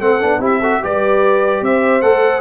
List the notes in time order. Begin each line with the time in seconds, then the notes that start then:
0.00 A3 C4 A4 F#5
0.21 B3 D4
0.39 C4 E4 G4
0.45 E5
0.60 F#4 A4
0.83 G3 G4 B4 D5
1.62 C4 C5 E5
2.02 A3 A4 F#5